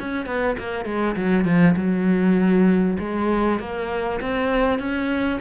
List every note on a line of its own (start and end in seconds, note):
0.00 0.27 C#4
0.27 0.57 B3
0.59 0.86 A#3
0.86 1.16 G#3
1.17 1.45 F#3
1.45 1.76 F3
1.77 2.98 F#3
3.00 3.60 G#3
3.60 4.21 A#3
4.21 4.80 C4
4.80 5.40 C#4